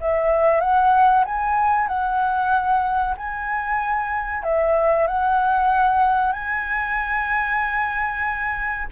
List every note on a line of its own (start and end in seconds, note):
0.00 0.60 E5
0.60 1.24 F#5
1.25 1.87 G#5
1.87 3.15 F#5
3.17 4.43 G#5
4.43 5.07 E5
5.07 6.32 F#5
6.32 8.88 G#5